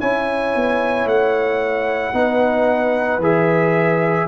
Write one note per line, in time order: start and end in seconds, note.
0.00 0.55 C#4
0.00 2.14 E4
0.00 2.14 C#5
0.00 1.07 G#5
0.55 1.05 B3
1.05 2.12 A3
1.05 3.22 F#5
2.13 3.18 B3
2.13 3.21 D#4
2.13 4.28 B4
3.18 4.25 E3
3.18 4.28 G#4
3.18 4.28 E5